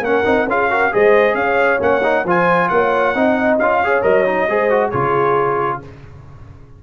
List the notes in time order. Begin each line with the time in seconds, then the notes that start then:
0.00 A#3 C#4 A#4 F#5
0.24 C4 D#4
0.47 C#4 F4 G#4 F5
0.69 F#4 A#4
0.91 G#3 G#4 C5 D#5
1.34 C#4 C#5 F5
1.79 A#3 C#4 F#5
2.02 D#4
2.24 F3 F4 C5 G#5
2.68 A#3 C#5 F#5
3.14 C4 D#4 D#5
3.58 C#4 F4 F5
3.82 G#4 C#5
4.02 F#3 A#4 D#5
4.25 D#4
4.47 G#3 G#4 C5
4.70 F#4
4.90 C#3 F4 G#4 C#5